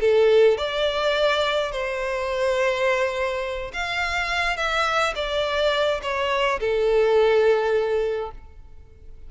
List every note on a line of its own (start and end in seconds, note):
0.00 0.57 A4
0.57 1.71 D5
1.71 3.71 C5
3.73 4.56 F5
4.56 5.14 E5
5.15 6.00 D5
6.02 6.59 C#5
6.59 8.31 A4